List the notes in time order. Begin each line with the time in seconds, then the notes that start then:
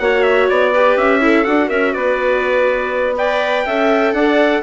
0.00 A#3 F#4 C#5 F#5
0.23 E5
0.49 B3 D5
0.72 G4 B4
0.97 C#4 E5
1.21 E4 A4
1.45 D4 F#4 F#5
1.68 C#4 A#4 E5
1.94 B3 B4 D5
3.17 B4 D5 G5
3.66 C#4 A4 E5
4.14 D4 D5 F#5